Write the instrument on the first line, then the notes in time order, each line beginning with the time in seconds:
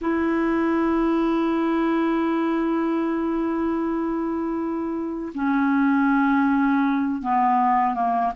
clarinet
0.01 E4
5.34 C#4
7.22 B3
7.94 A#3